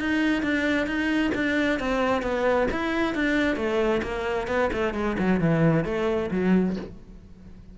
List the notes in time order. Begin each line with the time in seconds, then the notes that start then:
0.00 D#4
0.43 D4
0.87 D#4
1.35 D4
1.80 C4
2.23 B3
2.72 E4
3.15 D4
3.57 A3
4.03 A#3
4.48 B3
4.73 A3
4.94 G#3
5.19 F#3
5.41 E3
5.85 A3
6.31 F#3